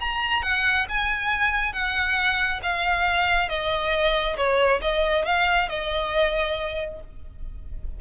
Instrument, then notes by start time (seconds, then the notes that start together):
violin
0.00 A#5
0.42 F#5
0.89 G#5
1.73 F#5
2.63 F5
3.49 D#5
4.37 C#5
4.82 D#5
5.25 F5
5.69 D#5